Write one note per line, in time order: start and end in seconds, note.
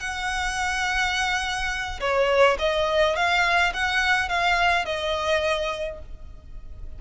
0.00 2.00 F#5
2.00 2.57 C#5
2.59 3.16 D#5
3.16 3.73 F5
3.74 4.29 F#5
4.29 4.85 F5
4.85 5.99 D#5